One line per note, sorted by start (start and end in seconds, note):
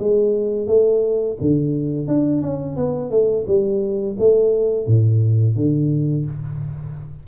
0.00 0.68 G#3
0.68 1.37 A3
1.41 2.08 D3
2.08 2.42 D4
2.42 2.77 C#4
2.77 3.11 B3
3.11 3.46 A3
3.47 4.17 G3
4.19 4.87 A3
4.87 5.56 A2
5.56 6.26 D3